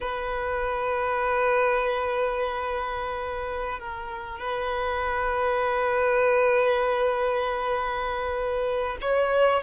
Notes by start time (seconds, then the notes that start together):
0.00 B4
3.79 A#4
4.39 B4
9.01 C#5